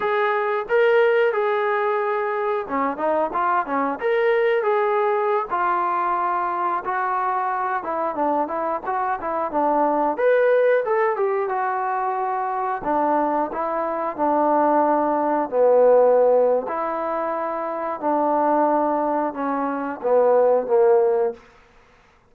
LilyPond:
\new Staff \with { instrumentName = "trombone" } { \time 4/4 \tempo 4 = 90 gis'4 ais'4 gis'2 | cis'8 dis'8 f'8 cis'8 ais'4 gis'4~ | gis'16 f'2 fis'4. e'16~ | e'16 d'8 e'8 fis'8 e'8 d'4 b'8.~ |
b'16 a'8 g'8 fis'2 d'8.~ | d'16 e'4 d'2 b8.~ | b4 e'2 d'4~ | d'4 cis'4 b4 ais4 | }